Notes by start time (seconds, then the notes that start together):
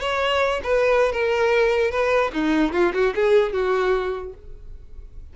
0.00 C#5
0.63 B4
1.12 A#4
1.91 B4
2.33 D#4
2.72 F4
2.94 F#4
3.15 G#4
3.53 F#4